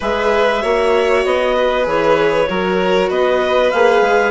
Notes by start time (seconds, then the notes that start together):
0.00 G#3 G#4 B4 E5
0.61 A#3 F#4 C#5
1.24 B3 D#5
1.55 B4
1.83 E3 G#4 C#5
2.48 F#3 F#4 A#4
3.09 B3 B4 D#5
3.70 A#3 G#4 F5
4.01 G#3